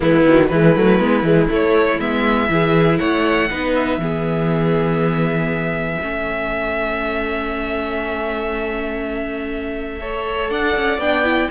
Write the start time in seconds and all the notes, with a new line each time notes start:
0.00 E3 G#3 B3 E4
0.25 D#3 F#3
0.47 E3 G#3 E4 B4
0.75 F#3 A3
0.98 G#3 B3
1.22 E3 G#3
1.49 A3 C#5
1.99 G#3 B3 E5
2.49 E3 E4 G#4
2.98 A3 C#5 F#5
3.50 B3 D#4 B4
3.74 E5
3.98 E3 B3 G#4
6.01 A3 C#4 A4
10.00 A4 C#5
10.50 D4 D5 F#5
10.76 C#4
10.98 B3 D4 G5
11.24 E4